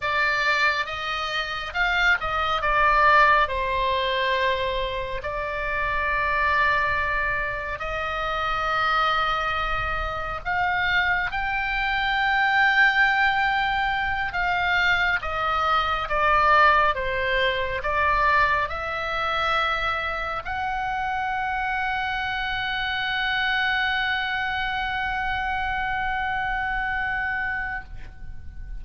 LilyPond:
\new Staff \with { instrumentName = "oboe" } { \time 4/4 \tempo 4 = 69 d''4 dis''4 f''8 dis''8 d''4 | c''2 d''2~ | d''4 dis''2. | f''4 g''2.~ |
g''8 f''4 dis''4 d''4 c''8~ | c''8 d''4 e''2 fis''8~ | fis''1~ | fis''1 | }